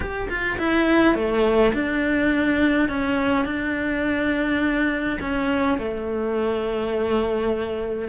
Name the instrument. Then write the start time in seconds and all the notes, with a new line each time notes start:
cello
0.00 G4
0.29 F4
0.58 E4
1.15 A3
1.73 D4
2.88 C#4
3.45 D4
5.20 C#4
5.77 A3